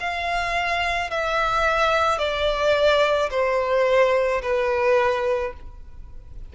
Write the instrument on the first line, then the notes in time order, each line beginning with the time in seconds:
violin
0.00 F5
1.11 E5
2.18 D5
3.30 C5
4.42 B4